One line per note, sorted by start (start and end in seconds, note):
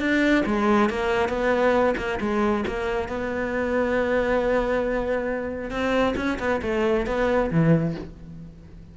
0.00 0.44 D4
0.46 0.89 G#3
0.89 1.29 A#3
1.29 1.95 B3
1.97 2.19 A#3
2.20 2.65 G#3
2.67 3.08 A#3
3.08 5.70 B3
5.70 6.14 C4
6.16 6.39 C#4
6.39 6.61 B3
6.62 7.06 A3
7.06 7.50 B3
7.51 7.95 E3